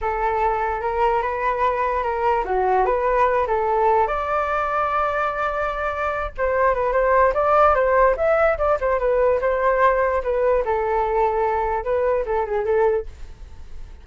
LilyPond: \new Staff \with { instrumentName = "flute" } { \time 4/4 \tempo 4 = 147 a'2 ais'4 b'4~ | b'4 ais'4 fis'4 b'4~ | b'8 a'4. d''2~ | d''2.~ d''8 c''8~ |
c''8 b'8 c''4 d''4 c''4 | e''4 d''8 c''8 b'4 c''4~ | c''4 b'4 a'2~ | a'4 b'4 a'8 gis'8 a'4 | }